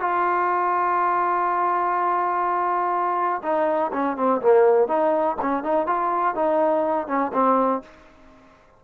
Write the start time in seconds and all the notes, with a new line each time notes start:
0.00 F4
3.42 D#4
3.92 C#4
4.16 C4
4.41 A#3
4.88 D#4
5.41 C#4
5.63 D#4
5.86 F4
6.35 D#4
7.07 C#4
7.33 C4